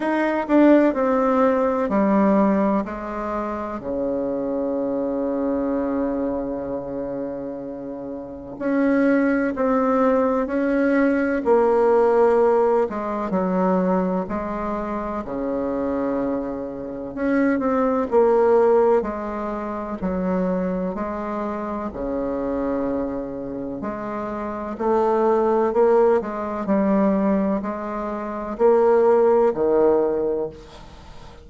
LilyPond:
\new Staff \with { instrumentName = "bassoon" } { \time 4/4 \tempo 4 = 63 dis'8 d'8 c'4 g4 gis4 | cis1~ | cis4 cis'4 c'4 cis'4 | ais4. gis8 fis4 gis4 |
cis2 cis'8 c'8 ais4 | gis4 fis4 gis4 cis4~ | cis4 gis4 a4 ais8 gis8 | g4 gis4 ais4 dis4 | }